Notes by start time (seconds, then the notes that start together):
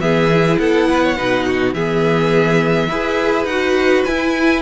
0.00 E3 B3 G#4 E5
0.33 E4
0.59 B3 A4 F#5
0.90 B4
1.04 C#5
1.17 B2 D#4 B4
1.47 F#4
1.74 E3 B3 G#4 E5
2.89 E4 G#4 B4
3.45 D#4 F#4 F#5
4.06 E4 G#5